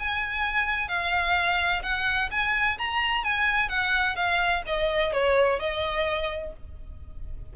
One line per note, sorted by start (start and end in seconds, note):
0.00 0.89 G#5
0.89 1.83 F5
1.83 2.30 F#5
2.32 2.78 G#5
2.79 3.24 A#5
3.24 3.69 G#5
3.69 4.16 F#5
4.16 4.63 F5
4.67 5.13 D#5
5.13 5.60 C#5
5.60 6.54 D#5